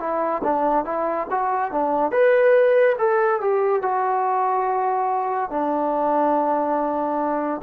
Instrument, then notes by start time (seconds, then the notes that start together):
trombone
0.00 E4
0.44 D4
0.85 E4
1.31 F#4
1.72 D4
2.12 B4
2.99 A4
3.41 G4
3.82 F#4
5.50 D4